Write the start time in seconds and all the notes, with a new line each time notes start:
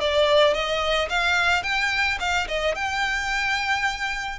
0.00 D5
0.54 D#5
1.09 F5
1.63 G5
2.20 F5
2.48 D#5
2.75 G5